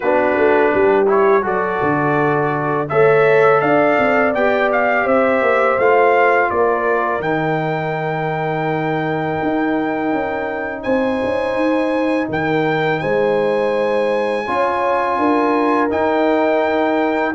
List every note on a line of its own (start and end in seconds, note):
0.00 0.37 B3
0.00 1.06 D4
0.00 0.72 F#4
0.00 1.07 B4
0.37 0.73 A3
0.72 1.44 G3
0.72 1.43 G4
1.06 1.42 E4
1.06 1.45 C#5
1.42 1.80 F#3
1.42 2.86 F#4
1.42 2.87 A4
1.42 2.89 D5
1.82 2.90 D3
2.89 3.61 A3
2.89 4.34 A4
2.89 3.61 C#5
2.89 3.60 E5
3.60 3.98 D4
3.60 5.04 D5
3.60 4.32 F5
3.99 4.34 C4
4.34 5.06 B3
4.34 5.79 G4
4.34 4.70 G5
4.72 5.07 F5
5.04 5.41 C4
5.04 6.49 C5
5.04 5.78 E5
5.41 5.77 A#3
5.77 6.50 A3
5.77 7.22 F4
5.77 6.50 F5
6.50 7.19 A#3
6.50 10.83 A#4
6.50 7.21 D5
7.19 9.36 D#3
7.19 14.45 D#4
7.19 10.82 G5
9.42 10.12 D#4
10.12 10.84 C#4
10.82 11.22 C4
10.82 12.27 C5
10.82 12.27 G#5
11.24 11.55 C#4
11.55 12.27 D#4
12.28 13.00 D#3
12.28 13.00 A#4
12.28 12.99 G5
12.99 14.48 G#3
12.99 14.45 C5
12.99 15.88 G#5
14.46 15.18 C#4
14.46 15.89 F4
14.46 15.18 C#5
15.18 15.90 D4
15.18 17.34 A#4
15.89 17.34 D#4
15.89 17.34 G5